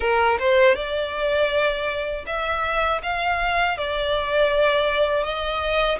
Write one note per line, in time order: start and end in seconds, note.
0.00 0.38 A#4
0.39 0.75 C5
0.75 2.25 D5
2.26 3.01 E5
3.02 3.77 F5
3.77 5.23 D5
5.23 5.98 D#5